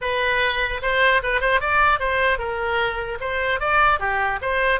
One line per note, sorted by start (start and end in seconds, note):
0.01 0.81 B4
0.81 1.21 C5
1.23 1.40 B4
1.40 1.60 C5
1.60 1.99 D5
1.99 2.38 C5
2.38 3.18 A#4
3.20 3.60 C5
3.60 3.99 D5
3.99 4.39 G4
4.41 4.80 C5